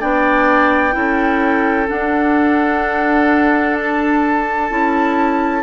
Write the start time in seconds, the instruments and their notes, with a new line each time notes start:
0.00 bassoon B3, clarinet D4, oboe D5, flute G5
0.92 bassoon C#4, clarinet E4, oboe A4
1.87 clarinet D4, bassoon D4, flute F#5
3.77 flute A5
4.69 bassoon C#4, clarinet E4